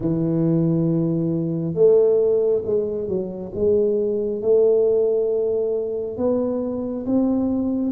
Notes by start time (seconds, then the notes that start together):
0.00 E3
1.74 A3
2.64 G#3
3.08 F#3
3.55 G#3
4.41 A3
6.17 B3
7.06 C4